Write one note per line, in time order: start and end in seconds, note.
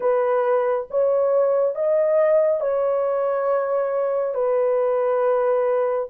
0.00 0.87 B4
0.90 1.75 C#5
1.75 2.60 D#5
2.60 4.34 C#5
4.34 6.08 B4